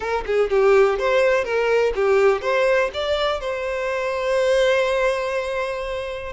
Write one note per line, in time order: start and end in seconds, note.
0.00 0.24 A#4
0.25 0.50 G#4
0.50 0.98 G4
0.98 1.44 C5
1.44 1.93 A#4
1.95 2.41 G4
2.41 2.90 C5
2.93 3.40 D5
3.40 6.32 C5